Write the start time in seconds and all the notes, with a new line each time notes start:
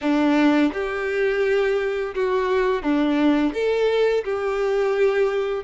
0.01 D4
0.73 G4
2.15 F#4
2.82 D4
3.53 A4
4.24 G4